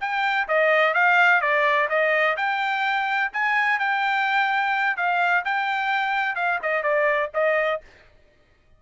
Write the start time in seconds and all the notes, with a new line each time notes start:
0.00 G5
0.48 D#5
0.94 F5
1.41 D5
1.89 D#5
2.37 G5
3.32 G#5
3.79 G5
4.96 F5
5.45 G5
6.35 F5
6.62 D#5
6.82 D5
7.34 D#5